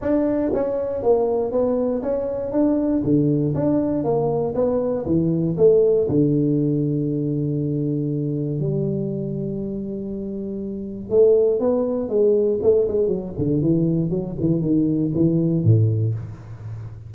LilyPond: \new Staff \with { instrumentName = "tuba" } { \time 4/4 \tempo 4 = 119 d'4 cis'4 ais4 b4 | cis'4 d'4 d4 d'4 | ais4 b4 e4 a4 | d1~ |
d4 g2.~ | g2 a4 b4 | gis4 a8 gis8 fis8 d8 e4 | fis8 e8 dis4 e4 a,4 | }